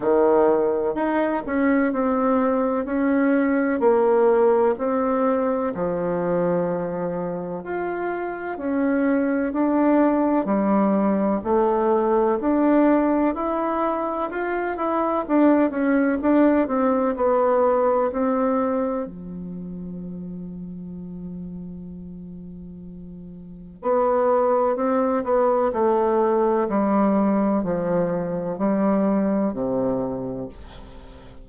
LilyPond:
\new Staff \with { instrumentName = "bassoon" } { \time 4/4 \tempo 4 = 63 dis4 dis'8 cis'8 c'4 cis'4 | ais4 c'4 f2 | f'4 cis'4 d'4 g4 | a4 d'4 e'4 f'8 e'8 |
d'8 cis'8 d'8 c'8 b4 c'4 | f1~ | f4 b4 c'8 b8 a4 | g4 f4 g4 c4 | }